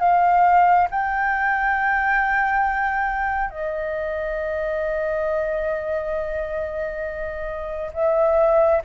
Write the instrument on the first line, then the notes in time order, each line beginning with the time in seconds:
flute
0.00 F5
0.91 G5
3.51 D#5
7.94 E5